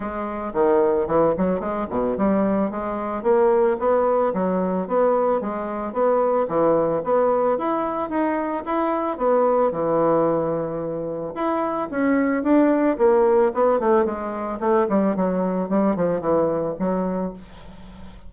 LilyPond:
\new Staff \with { instrumentName = "bassoon" } { \time 4/4 \tempo 4 = 111 gis4 dis4 e8 fis8 gis8 b,8 | g4 gis4 ais4 b4 | fis4 b4 gis4 b4 | e4 b4 e'4 dis'4 |
e'4 b4 e2~ | e4 e'4 cis'4 d'4 | ais4 b8 a8 gis4 a8 g8 | fis4 g8 f8 e4 fis4 | }